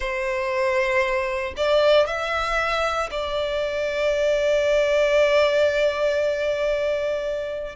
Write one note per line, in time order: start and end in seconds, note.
0.00 1.54 C5
1.56 2.06 D5
2.06 3.10 E5
3.10 7.75 D5